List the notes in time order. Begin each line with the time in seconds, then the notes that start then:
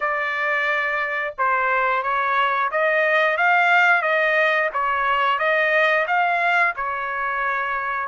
0.00 D5
1.38 C5
2.02 C#5
2.71 D#5
3.37 F5
4.02 D#5
4.73 C#5
5.38 D#5
6.07 F5
6.76 C#5